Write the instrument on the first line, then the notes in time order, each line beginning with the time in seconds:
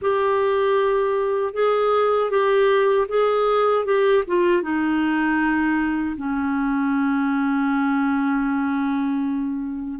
clarinet
0.01 G4
1.53 G#4
2.30 G4
3.08 G#4
3.85 G4
4.27 F4
4.62 D#4
6.16 C#4